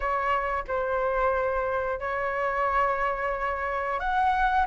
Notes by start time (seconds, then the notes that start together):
0.00 C#5
0.67 C5
1.99 C#5
3.99 F#5